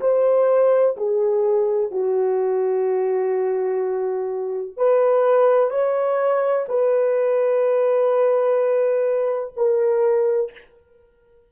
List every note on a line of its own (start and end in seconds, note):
0.00 0.95 C5
0.96 1.90 G#4
1.90 4.76 F#4
4.76 5.70 B4
5.70 6.65 C#5
6.68 9.54 B4
9.56 10.52 A#4